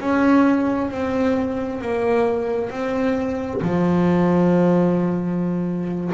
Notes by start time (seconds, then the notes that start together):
0.00 C#4
0.91 C4
1.82 A#3
2.71 C4
3.62 F3